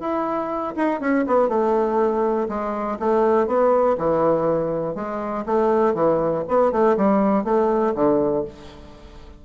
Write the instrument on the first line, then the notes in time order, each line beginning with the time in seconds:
bassoon
0.00 E4
0.76 D#4
1.00 C#4
1.27 B3
1.49 A3
2.49 G#3
3.00 A3
3.47 B3
3.98 E3
4.95 G#3
5.46 A3
5.94 E3
6.48 B3
6.72 A3
6.97 G3
7.44 A3
7.95 D3